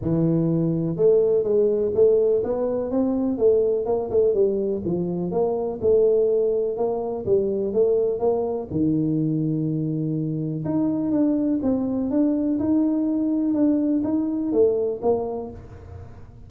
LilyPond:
\new Staff \with { instrumentName = "tuba" } { \time 4/4 \tempo 4 = 124 e2 a4 gis4 | a4 b4 c'4 a4 | ais8 a8 g4 f4 ais4 | a2 ais4 g4 |
a4 ais4 dis2~ | dis2 dis'4 d'4 | c'4 d'4 dis'2 | d'4 dis'4 a4 ais4 | }